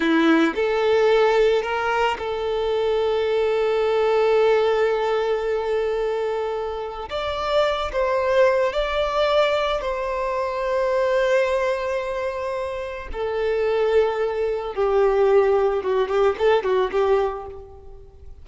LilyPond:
\new Staff \with { instrumentName = "violin" } { \time 4/4 \tempo 4 = 110 e'4 a'2 ais'4 | a'1~ | a'1~ | a'4 d''4. c''4. |
d''2 c''2~ | c''1 | a'2. g'4~ | g'4 fis'8 g'8 a'8 fis'8 g'4 | }